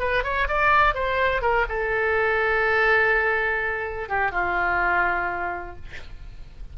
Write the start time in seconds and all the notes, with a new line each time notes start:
0.00 B4
0.24 C#5
0.48 D5
0.94 C5
1.42 A#4
1.69 A4
4.09 G4
4.32 F4